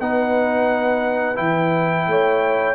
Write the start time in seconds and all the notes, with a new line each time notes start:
0.00 B3 D#4 B4 F#5
1.35 E3 E4 G5
2.07 A3 C#5